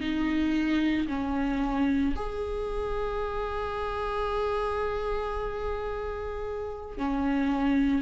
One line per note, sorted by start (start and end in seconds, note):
0.00 1.07 D#4
1.07 2.14 C#4
2.15 6.97 G#4
6.97 8.02 C#4